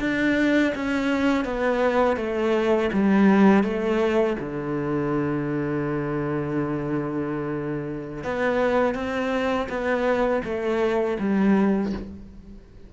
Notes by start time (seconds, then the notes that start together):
0.00 D4
0.75 C#4
1.45 B3
2.17 A3
2.93 G3
3.64 A3
4.40 D3
8.24 B3
8.95 C4
9.69 B3
10.44 A3
11.20 G3